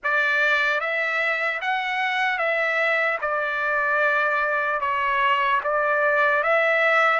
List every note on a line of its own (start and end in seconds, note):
0.03 0.80 D5
0.80 1.60 E5
1.61 2.38 F#5
2.38 3.18 E5
3.21 4.80 D5
4.80 5.60 C#5
5.63 6.43 D5
6.43 7.19 E5